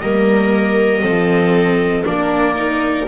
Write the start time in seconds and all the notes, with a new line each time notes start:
0.00 G3 A#3 A#4 D#5
1.02 F3 C4 A4
2.04 A#3 D4 A#4 D5
2.55 D#4